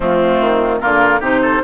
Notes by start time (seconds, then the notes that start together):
0.00 F3 A3 C4 F4
0.40 D#3
0.80 D3 A#3 F4 A#4
1.20 C3 D#4 G4 C5
1.42 A4